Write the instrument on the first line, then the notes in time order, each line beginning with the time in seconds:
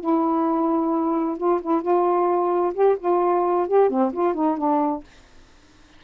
saxophone
0.00 E4
1.38 F4
1.62 E4
1.82 F4
2.74 G4
2.99 F4
3.68 G4
3.90 C4
4.13 F4
4.34 D#4
4.57 D4